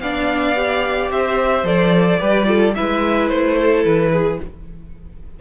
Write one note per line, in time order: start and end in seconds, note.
0.00 1.09 B3
0.00 0.56 D4
0.00 1.11 D5
0.00 1.10 F5
0.56 1.64 G4
1.09 1.63 C4
1.09 2.19 C5
1.09 1.66 E5
1.63 2.18 F3
1.63 2.19 A4
1.63 2.74 D5
2.19 2.76 G3
2.19 2.45 G4
2.19 2.47 B4
2.45 2.73 F4
2.45 2.75 A4
2.74 3.30 G#3
2.74 4.41 E4
2.74 3.57 B4
2.74 3.28 E5
3.28 3.84 A3
3.28 3.83 C5
3.57 4.12 A4
3.84 4.39 E3
3.84 4.40 B4
4.12 4.40 G#4